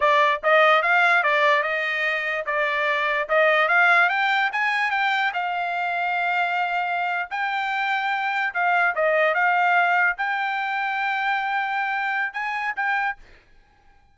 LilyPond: \new Staff \with { instrumentName = "trumpet" } { \time 4/4 \tempo 4 = 146 d''4 dis''4 f''4 d''4 | dis''2 d''2 | dis''4 f''4 g''4 gis''4 | g''4 f''2.~ |
f''4.~ f''16 g''2~ g''16~ | g''8. f''4 dis''4 f''4~ f''16~ | f''8. g''2.~ g''16~ | g''2 gis''4 g''4 | }